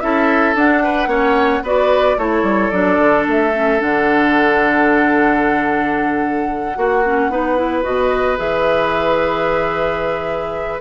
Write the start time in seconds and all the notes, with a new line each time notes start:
0.00 C#4 E4 A4 E5
0.55 D4 F#5
0.83 B4
1.06 A#3 C#4 C#5
1.62 B3 F#4 B4 D5
2.17 A3 E4 A4 C#5
2.42 G3
2.70 F#3 D4 D5
2.98 D3
3.27 A3 E5
3.54 C#4
3.79 D3 D4 F#5
6.75 A#3 F#4
7.05 C#4
7.29 B3 D#4 B4
7.56 E4
7.82 B2 F#4 D#5
8.37 E3 G#4 E5